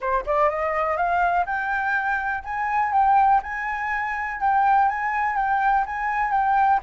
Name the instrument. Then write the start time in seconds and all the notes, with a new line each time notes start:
flute
0.00 C5
0.25 D5
0.49 D#5
0.96 F5
1.46 G5
2.44 G#5
2.92 G5
3.42 G#5
4.40 G5
4.88 G#5
5.36 G5
5.86 G#5
6.31 G5